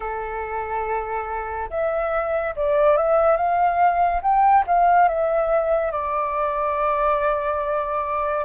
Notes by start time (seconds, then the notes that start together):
0.00 A4
1.70 E5
2.55 D5
2.96 E5
3.36 F5
4.22 G5
4.67 F5
5.08 E5
5.91 D5